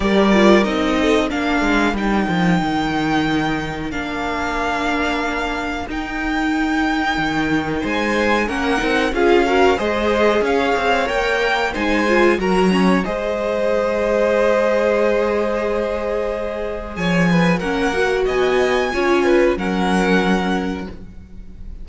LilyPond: <<
  \new Staff \with { instrumentName = "violin" } { \time 4/4 \tempo 4 = 92 d''4 dis''4 f''4 g''4~ | g''2 f''2~ | f''4 g''2. | gis''4 fis''4 f''4 dis''4 |
f''4 g''4 gis''4 ais''4 | dis''1~ | dis''2 gis''4 fis''4 | gis''2 fis''2 | }
  \new Staff \with { instrumentName = "violin" } { \time 4/4 ais'4. a'8 ais'2~ | ais'1~ | ais'1 | c''4 ais'4 gis'8 ais'8 c''4 |
cis''2 c''4 ais'8 cis''8 | c''1~ | c''2 cis''8 b'8 ais'4 | dis''4 cis''8 b'8 ais'2 | }
  \new Staff \with { instrumentName = "viola" } { \time 4/4 g'8 f'8 dis'4 d'4 dis'4~ | dis'2 d'2~ | d'4 dis'2.~ | dis'4 cis'8 dis'8 f'8 fis'8 gis'4~ |
gis'4 ais'4 dis'8 f'8 fis'8 cis'8 | gis'1~ | gis'2. cis'8 fis'8~ | fis'4 f'4 cis'2 | }
  \new Staff \with { instrumentName = "cello" } { \time 4/4 g4 c'4 ais8 gis8 g8 f8 | dis2 ais2~ | ais4 dis'2 dis4 | gis4 ais8 c'8 cis'4 gis4 |
cis'8 c'8 ais4 gis4 fis4 | gis1~ | gis2 f4 ais4 | b4 cis'4 fis2 | }
>>